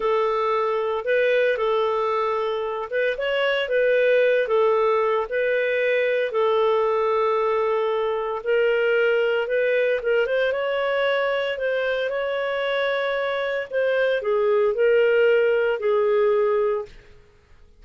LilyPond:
\new Staff \with { instrumentName = "clarinet" } { \time 4/4 \tempo 4 = 114 a'2 b'4 a'4~ | a'4. b'8 cis''4 b'4~ | b'8 a'4. b'2 | a'1 |
ais'2 b'4 ais'8 c''8 | cis''2 c''4 cis''4~ | cis''2 c''4 gis'4 | ais'2 gis'2 | }